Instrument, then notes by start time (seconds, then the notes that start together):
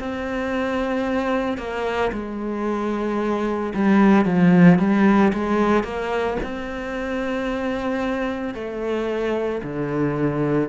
cello
0.00 C4
1.58 A#3
2.13 G#3
3.75 G3
4.26 F3
4.79 G3
5.34 G#3
5.84 A#3
6.44 C4
8.55 A3
9.64 D3